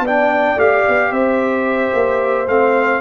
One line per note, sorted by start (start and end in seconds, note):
0.00 0.54 B3
0.00 1.11 D5
0.07 0.58 D4
0.07 0.59 G5
0.57 0.84 A3
0.57 2.47 G4
0.57 1.13 F5
0.89 1.11 B3
1.11 1.92 C4
1.11 3.01 C5
1.11 2.48 E5
1.94 2.48 A#3
2.48 3.01 A3
2.48 3.01 C4
2.48 3.01 F5